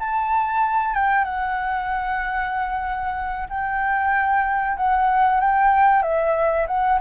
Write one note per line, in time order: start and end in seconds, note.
0.00 0.95 A5
0.95 1.25 G5
1.25 3.48 F#5
3.49 4.77 G5
4.77 5.41 F#5
5.41 6.03 G5
6.03 6.66 E5
6.68 7.00 F#5